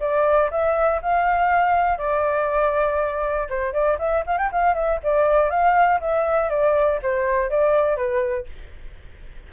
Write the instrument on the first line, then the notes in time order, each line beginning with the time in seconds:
flute
0.00 D5
0.51 E5
1.02 F5
1.98 D5
3.49 C5
3.73 D5
3.99 E5
4.26 F5
4.38 G5
4.52 F5
4.75 E5
5.03 D5
5.50 F5
6.00 E5
6.50 D5
7.02 C5
7.50 D5
7.97 B4